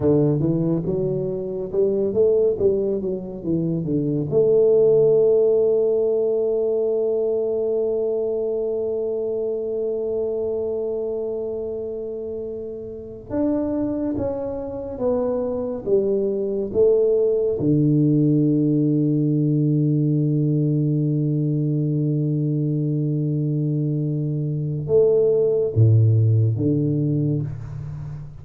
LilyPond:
\new Staff \with { instrumentName = "tuba" } { \time 4/4 \tempo 4 = 70 d8 e8 fis4 g8 a8 g8 fis8 | e8 d8 a2.~ | a1~ | a2.~ a8 d'8~ |
d'8 cis'4 b4 g4 a8~ | a8 d2.~ d8~ | d1~ | d4 a4 a,4 d4 | }